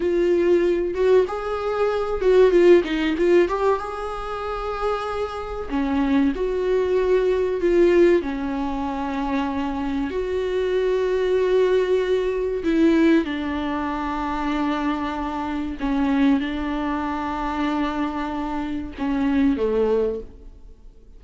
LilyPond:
\new Staff \with { instrumentName = "viola" } { \time 4/4 \tempo 4 = 95 f'4. fis'8 gis'4. fis'8 | f'8 dis'8 f'8 g'8 gis'2~ | gis'4 cis'4 fis'2 | f'4 cis'2. |
fis'1 | e'4 d'2.~ | d'4 cis'4 d'2~ | d'2 cis'4 a4 | }